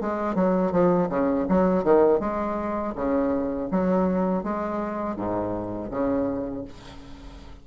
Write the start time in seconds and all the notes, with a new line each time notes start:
0.00 G#3
0.35 F#3
0.71 F3
1.09 C#3
1.48 F#3
1.83 D#3
2.20 G#3
2.95 C#3
3.70 F#3
4.43 G#3
5.16 G#2
5.90 C#3